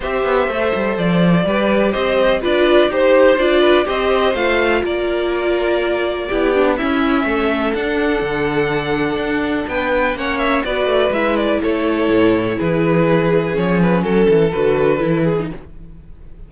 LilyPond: <<
  \new Staff \with { instrumentName = "violin" } { \time 4/4 \tempo 4 = 124 e''2 d''2 | dis''4 d''4 c''4 d''4 | dis''4 f''4 d''2~ | d''2 e''2 |
fis''1 | g''4 fis''8 e''8 d''4 e''8 d''8 | cis''2 b'2 | cis''8 b'8 a'4 b'2 | }
  \new Staff \with { instrumentName = "violin" } { \time 4/4 c''2. b'4 | c''4 b'4 c''4. b'8 | c''2 ais'2~ | ais'4 g'4 e'4 a'4~ |
a'1 | b'4 cis''4 b'2 | a'2 gis'2~ | gis'4 a'2~ a'8 gis'8 | }
  \new Staff \with { instrumentName = "viola" } { \time 4/4 g'4 a'2 g'4~ | g'4 f'4 g'4 f'4 | g'4 f'2.~ | f'4 e'8 d'8 cis'2 |
d'1~ | d'4 cis'4 fis'4 e'4~ | e'1 | cis'2 fis'4 e'8. dis'16 | }
  \new Staff \with { instrumentName = "cello" } { \time 4/4 c'8 b8 a8 g8 f4 g4 | c'4 d'4 dis'4 d'4 | c'4 a4 ais2~ | ais4 b4 cis'4 a4 |
d'4 d2 d'4 | b4 ais4 b8 a8 gis4 | a4 a,4 e2 | f4 fis8 e8 d4 e4 | }
>>